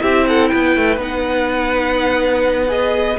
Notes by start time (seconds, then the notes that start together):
0.00 C4 E4 G4 E5
0.28 A4 F#5
0.48 B3 B4 G5
0.77 A3
0.97 B3 D#4 F#5
2.68 G#4 D#5